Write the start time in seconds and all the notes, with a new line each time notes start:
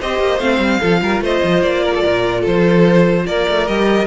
0.00 C4 G4 C5 D#5
0.20 A#3
0.40 A3 C4 F5
0.59 G3
0.80 F3 F4 A4
1.02 G3 A#4
1.21 A3 C5 D#5
1.44 F3
1.62 A#3 D5
1.84 A#4
1.95 A4
2.03 A#2 A#4
2.41 F3 A4 C5
3.27 A#3 A#4 D5
3.49 A3
3.67 G3 G4 D#5